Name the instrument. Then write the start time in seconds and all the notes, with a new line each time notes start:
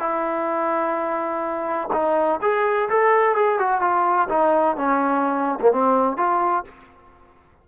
trombone
0.00 E4
1.93 D#4
2.42 G#4
2.90 A4
3.36 G#4
3.60 F#4
3.82 F4
4.30 D#4
4.77 C#4
5.60 A#3
5.72 C4
6.17 F4